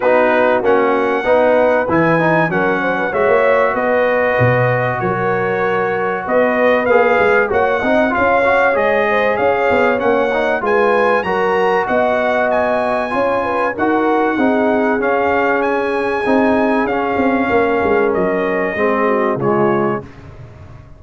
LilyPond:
<<
  \new Staff \with { instrumentName = "trumpet" } { \time 4/4 \tempo 4 = 96 b'4 fis''2 gis''4 | fis''4 e''4 dis''2 | cis''2 dis''4 f''4 | fis''4 f''4 dis''4 f''4 |
fis''4 gis''4 ais''4 fis''4 | gis''2 fis''2 | f''4 gis''2 f''4~ | f''4 dis''2 cis''4 | }
  \new Staff \with { instrumentName = "horn" } { \time 4/4 fis'2 b'2 | ais'8 c''16 b'16 cis''4 b'2 | ais'2 b'2 | cis''8 dis''8 cis''4. c''8 cis''4~ |
cis''4 b'4 ais'4 dis''4~ | dis''4 cis''8 b'8 ais'4 gis'4~ | gis'1 | ais'2 gis'8 fis'8 f'4 | }
  \new Staff \with { instrumentName = "trombone" } { \time 4/4 dis'4 cis'4 dis'4 e'8 dis'8 | cis'4 fis'2.~ | fis'2. gis'4 | fis'8 dis'8 f'8 fis'8 gis'2 |
cis'8 dis'8 f'4 fis'2~ | fis'4 f'4 fis'4 dis'4 | cis'2 dis'4 cis'4~ | cis'2 c'4 gis4 | }
  \new Staff \with { instrumentName = "tuba" } { \time 4/4 b4 ais4 b4 e4 | fis4 gis16 ais8. b4 b,4 | fis2 b4 ais8 gis8 | ais8 c'8 cis'4 gis4 cis'8 b8 |
ais4 gis4 fis4 b4~ | b4 cis'4 dis'4 c'4 | cis'2 c'4 cis'8 c'8 | ais8 gis8 fis4 gis4 cis4 | }
>>